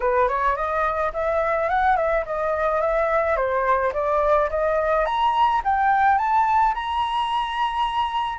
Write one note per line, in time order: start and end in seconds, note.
0.00 0.28 B4
0.28 0.56 C#5
0.56 1.12 D#5
1.13 1.69 E5
1.69 1.96 F#5
1.96 2.24 E5
2.25 2.81 D#5
2.81 3.36 E5
3.36 3.92 C5
3.93 4.49 D5
4.49 5.05 D#5
5.05 5.61 A#5
5.64 6.18 G5
6.18 6.74 A5
6.74 8.39 A#5